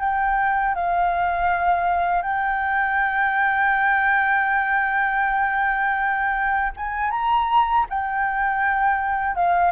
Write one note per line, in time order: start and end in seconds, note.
0.00 0.75 G5
0.75 2.22 F5
2.22 6.72 G5
6.77 7.11 G#5
7.11 7.86 A#5
7.89 9.35 G5
9.35 9.72 F5